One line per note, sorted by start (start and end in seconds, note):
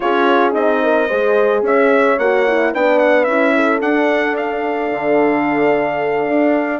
0.00 0.54 C#4
0.00 0.51 F4
0.00 0.83 G#4
0.00 0.54 C#5
0.51 1.09 C4
0.51 1.06 D#4
0.51 1.63 D#5
0.83 1.07 A#4
1.07 1.62 G#3
1.07 2.18 G#4
1.07 1.62 C5
1.62 2.16 C#4
1.62 2.72 C#5
1.62 2.18 E5
2.18 2.73 A#3
2.18 2.47 F#4
2.18 2.73 F#5
2.47 2.73 E4
2.72 3.26 B3
2.72 3.26 D4
2.72 3.54 B4
2.72 2.98 G5
2.98 3.24 F#5
3.24 3.80 C#4
3.24 3.81 E4
3.24 3.78 E5
3.55 6.80 A4
3.80 4.90 D4
3.80 6.80 D4
3.80 4.36 F#5
4.37 6.80 F5
4.92 6.27 D3
6.27 6.80 D4